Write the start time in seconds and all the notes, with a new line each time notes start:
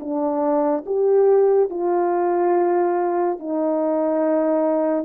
0.00 D4
0.86 G4
1.70 F4
3.39 D#4